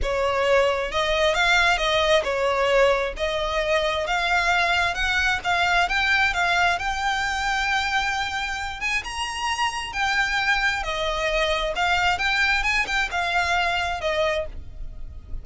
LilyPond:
\new Staff \with { instrumentName = "violin" } { \time 4/4 \tempo 4 = 133 cis''2 dis''4 f''4 | dis''4 cis''2 dis''4~ | dis''4 f''2 fis''4 | f''4 g''4 f''4 g''4~ |
g''2.~ g''8 gis''8 | ais''2 g''2 | dis''2 f''4 g''4 | gis''8 g''8 f''2 dis''4 | }